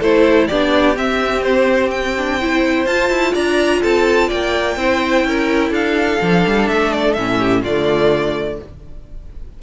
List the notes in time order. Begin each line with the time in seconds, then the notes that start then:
0.00 A3 E4 A4 C5
0.48 B3 D4 G4 D5
0.96 C4 E5
1.43 C5
1.92 G5
2.18 D4
2.40 E4 C5
2.86 F4 A5
3.10 E4
3.33 D4 D5 A#5
3.83 C4 A4 A5
4.28 A#3 D5 G5
4.77 C4 E4 C5
5.25 C#4 A#4
5.71 D4 A4 F5
6.22 F3 D4
6.47 G3
6.69 A3 E5
6.93 D5
7.14 A2 C#4 E5
7.39 G4
7.62 D3 A3 F4 D5